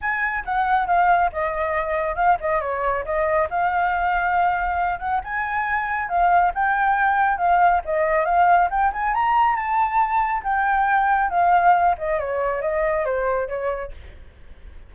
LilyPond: \new Staff \with { instrumentName = "flute" } { \time 4/4 \tempo 4 = 138 gis''4 fis''4 f''4 dis''4~ | dis''4 f''8 dis''8 cis''4 dis''4 | f''2.~ f''8 fis''8 | gis''2 f''4 g''4~ |
g''4 f''4 dis''4 f''4 | g''8 gis''8 ais''4 a''2 | g''2 f''4. dis''8 | cis''4 dis''4 c''4 cis''4 | }